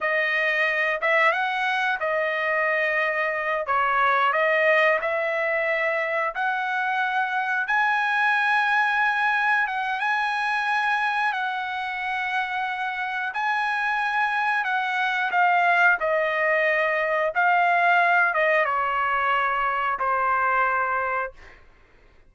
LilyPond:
\new Staff \with { instrumentName = "trumpet" } { \time 4/4 \tempo 4 = 90 dis''4. e''8 fis''4 dis''4~ | dis''4. cis''4 dis''4 e''8~ | e''4. fis''2 gis''8~ | gis''2~ gis''8 fis''8 gis''4~ |
gis''4 fis''2. | gis''2 fis''4 f''4 | dis''2 f''4. dis''8 | cis''2 c''2 | }